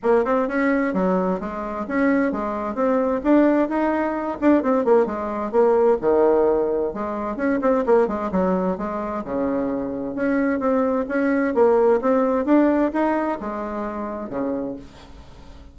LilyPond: \new Staff \with { instrumentName = "bassoon" } { \time 4/4 \tempo 4 = 130 ais8 c'8 cis'4 fis4 gis4 | cis'4 gis4 c'4 d'4 | dis'4. d'8 c'8 ais8 gis4 | ais4 dis2 gis4 |
cis'8 c'8 ais8 gis8 fis4 gis4 | cis2 cis'4 c'4 | cis'4 ais4 c'4 d'4 | dis'4 gis2 cis4 | }